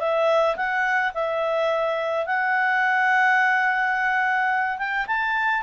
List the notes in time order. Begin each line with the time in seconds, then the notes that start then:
0.00 E5
0.57 F#5
1.14 E5
2.26 F#5
4.78 G5
5.07 A5